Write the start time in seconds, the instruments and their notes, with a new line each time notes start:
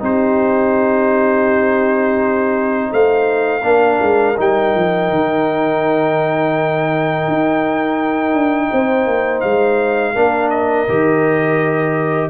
0.00 tuba C4, trombone D#4, horn G4, trumpet C5
2.92 tuba A3, horn C5, trumpet F5
3.61 tuba A#3, trombone D4, horn A#4
4.02 tuba G#3
4.37 tuba G3, trombone D#4, trumpet G5
4.75 tuba F3
5.10 tuba D#3
7.28 tuba D#4
8.33 tuba D4
8.71 tuba C4, horn C5
9.06 tuba A#3
9.41 tuba G#3, trumpet F5
10.14 tuba A#3, trombone D4, horn A#4
10.50 trumpet D#5
10.89 tuba D#3, trombone G4